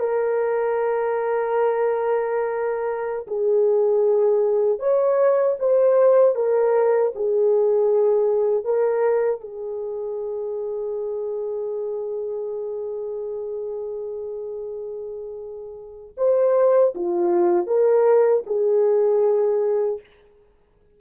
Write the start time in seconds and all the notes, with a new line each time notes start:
0.00 A#4
3.27 G#4
4.80 C#5
5.60 C5
6.36 A#4
7.16 G#4
8.65 A#4
9.41 G#4
16.18 C5
16.95 F4
17.67 A#4
18.47 G#4